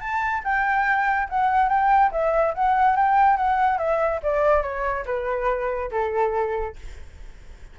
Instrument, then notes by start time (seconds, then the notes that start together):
flute
0.00 A5
0.44 G5
1.29 F#5
1.69 G5
2.12 E5
2.54 F#5
2.96 G5
3.36 F#5
3.78 E5
4.23 D5
4.62 C#5
5.06 B4
5.91 A4